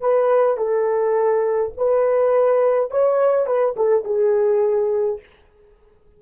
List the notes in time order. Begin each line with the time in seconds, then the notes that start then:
0.00 B4
0.57 A4
1.77 B4
2.91 C#5
3.46 B4
3.76 A4
4.04 G#4